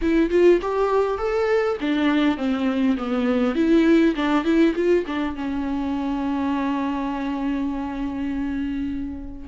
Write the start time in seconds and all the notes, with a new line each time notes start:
0.01 E4
0.29 F4
0.61 G4
1.18 A4
1.80 D4
2.37 C4
2.97 B3
3.55 E4
4.15 D4
4.44 E4
4.75 F4
5.06 D4
5.35 C#4